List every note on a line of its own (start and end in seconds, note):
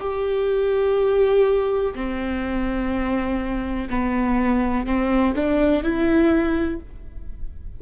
0.00 1.94 G4
1.94 3.88 C4
3.90 4.86 B3
4.86 5.34 C4
5.35 5.83 D4
5.83 6.80 E4